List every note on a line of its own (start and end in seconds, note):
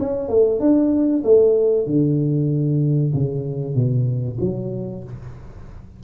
0.00 0.29 C#4
0.29 0.60 A3
0.60 1.23 D4
1.24 1.87 A3
1.87 3.13 D3
3.14 3.75 C#3
3.75 4.38 B2
4.41 5.04 F#3